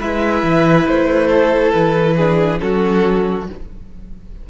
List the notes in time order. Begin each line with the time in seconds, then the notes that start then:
0.00 G#3 E4 B4 E5
0.43 E3
0.87 A3 C5
1.28 A4
1.72 E3 B4
2.17 D4 G#4
2.59 F#3 C#4 F#4 A4